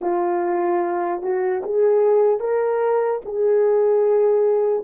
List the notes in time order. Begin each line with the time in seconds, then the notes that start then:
0.01 F4
1.22 F#4
1.63 G#4
2.40 A#4
3.25 G#4